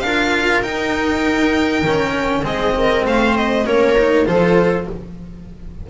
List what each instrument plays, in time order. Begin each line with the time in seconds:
0.00 double bass D4, viola A#4, violin F5
0.06 cello F4
0.63 cello D#4, double bass D#4, violin G5
1.82 double bass D#3, cello C#4
2.43 double bass G#3, cello C4, viola G#4, violin D#5
2.78 viola A#4
3.05 double bass A3, viola C5, violin F5
3.37 violin D#5
3.65 double bass A#3, cello C#4, viola A#4, violin C#5
3.98 cello D#4
4.26 double bass F3, cello F4, viola A4, violin C5